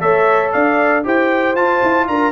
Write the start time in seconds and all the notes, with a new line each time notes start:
0.00 A3 A4 C#5 E5
0.52 D4 D5 F5
1.03 E4 G4 C5 G5
1.55 F4 A5
1.82 E4
2.07 D4 A#4 A#5